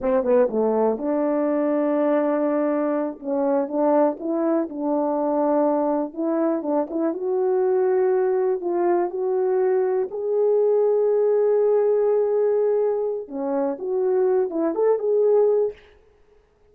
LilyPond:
\new Staff \with { instrumentName = "horn" } { \time 4/4 \tempo 4 = 122 c'8 b8 a4 d'2~ | d'2~ d'8 cis'4 d'8~ | d'8 e'4 d'2~ d'8~ | d'8 e'4 d'8 e'8 fis'4.~ |
fis'4. f'4 fis'4.~ | fis'8 gis'2.~ gis'8~ | gis'2. cis'4 | fis'4. e'8 a'8 gis'4. | }